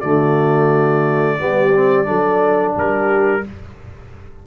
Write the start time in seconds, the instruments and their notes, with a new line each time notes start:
0.00 tuba D3, trombone A3, horn F#4, trumpet D5
1.38 tuba G3, trombone B3, horn G4
1.74 trombone C4
2.05 tuba F#3, trombone D4, horn A4
2.77 tuba G3, horn G4, trumpet A#4